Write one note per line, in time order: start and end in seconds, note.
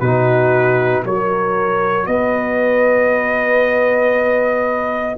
0.00 1.04 B2
0.00 1.06 D#4
0.00 1.03 F#4
0.00 1.03 B4
1.05 2.07 F#3
1.05 5.18 F#4
1.05 2.08 A#4
1.05 2.06 C#5
2.06 5.17 B3
2.06 5.18 B4
2.06 5.17 D#5